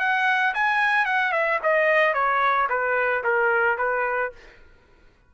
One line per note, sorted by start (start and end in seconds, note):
0.00 0.54 F#5
0.55 1.06 G#5
1.06 1.32 F#5
1.32 1.59 E5
1.63 2.14 D#5
2.14 2.68 C#5
2.70 3.24 B4
3.24 3.78 A#4
3.78 4.32 B4